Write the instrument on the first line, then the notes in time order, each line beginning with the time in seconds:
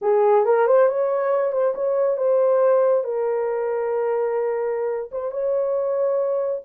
horn
0.01 G#4
0.45 A#4
0.67 C5
0.89 C#5
1.52 C5
1.74 C#5
2.17 C5
3.04 A#4
5.11 C5
5.31 C#5